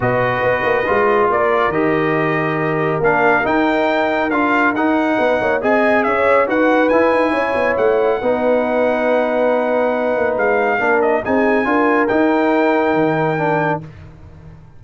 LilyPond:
<<
  \new Staff \with { instrumentName = "trumpet" } { \time 4/4 \tempo 4 = 139 dis''2. d''4 | dis''2. f''4 | g''2 f''4 fis''4~ | fis''4 gis''4 e''4 fis''4 |
gis''2 fis''2~ | fis''1 | f''4. dis''8 gis''2 | g''1 | }
  \new Staff \with { instrumentName = "horn" } { \time 4/4 b'2. ais'4~ | ais'1~ | ais'1 | b'8 cis''8 dis''4 cis''4 b'4~ |
b'4 cis''2 b'4~ | b'1~ | b'4 ais'4 gis'4 ais'4~ | ais'1 | }
  \new Staff \with { instrumentName = "trombone" } { \time 4/4 fis'2 f'2 | g'2. d'4 | dis'2 f'4 dis'4~ | dis'4 gis'2 fis'4 |
e'2. dis'4~ | dis'1~ | dis'4 d'4 dis'4 f'4 | dis'2. d'4 | }
  \new Staff \with { instrumentName = "tuba" } { \time 4/4 b,4 b8 ais8 gis4 ais4 | dis2. ais4 | dis'2 d'4 dis'4 | b8 ais8 c'4 cis'4 dis'4 |
e'8 dis'8 cis'8 b8 a4 b4~ | b2.~ b8 ais8 | gis4 ais4 c'4 d'4 | dis'2 dis2 | }
>>